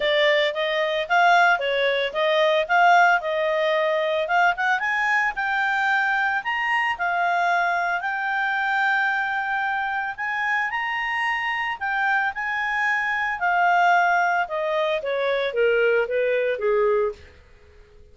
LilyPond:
\new Staff \with { instrumentName = "clarinet" } { \time 4/4 \tempo 4 = 112 d''4 dis''4 f''4 cis''4 | dis''4 f''4 dis''2 | f''8 fis''8 gis''4 g''2 | ais''4 f''2 g''4~ |
g''2. gis''4 | ais''2 g''4 gis''4~ | gis''4 f''2 dis''4 | cis''4 ais'4 b'4 gis'4 | }